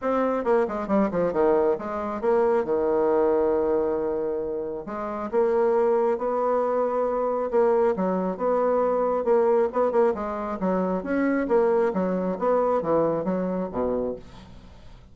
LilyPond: \new Staff \with { instrumentName = "bassoon" } { \time 4/4 \tempo 4 = 136 c'4 ais8 gis8 g8 f8 dis4 | gis4 ais4 dis2~ | dis2. gis4 | ais2 b2~ |
b4 ais4 fis4 b4~ | b4 ais4 b8 ais8 gis4 | fis4 cis'4 ais4 fis4 | b4 e4 fis4 b,4 | }